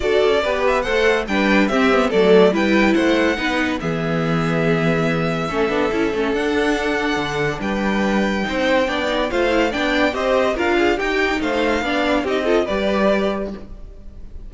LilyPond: <<
  \new Staff \with { instrumentName = "violin" } { \time 4/4 \tempo 4 = 142 d''4. e''8 fis''4 g''4 | e''4 d''4 g''4 fis''4~ | fis''4 e''2.~ | e''2. fis''4~ |
fis''2 g''2~ | g''2 f''4 g''4 | dis''4 f''4 g''4 f''4~ | f''4 dis''4 d''2 | }
  \new Staff \with { instrumentName = "violin" } { \time 4/4 a'4 b'4 c''4 b'4 | g'4 a'4 b'4 c''4 | b'4 gis'2.~ | gis'4 a'2.~ |
a'2 b'2 | c''4 d''4 c''4 d''4 | c''4 ais'8 gis'8 g'4 c''4 | d''4 g'8 a'8 b'2 | }
  \new Staff \with { instrumentName = "viola" } { \time 4/4 fis'4 g'4 a'4 d'4 | c'8 b8 a4 e'2 | dis'4 b2.~ | b4 cis'8 d'8 e'8 cis'8 d'4~ |
d'1 | dis'4 d'8 dis'8 f'8 e'8 d'4 | g'4 f'4 dis'2 | d'4 dis'8 f'8 g'2 | }
  \new Staff \with { instrumentName = "cello" } { \time 4/4 d'8 cis'8 b4 a4 g4 | c'4 fis4 g4 a4 | b4 e2.~ | e4 a8 b8 cis'8 a8 d'4~ |
d'4 d4 g2 | c'4 b4 a4 b4 | c'4 d'4 dis'4 a4 | b4 c'4 g2 | }
>>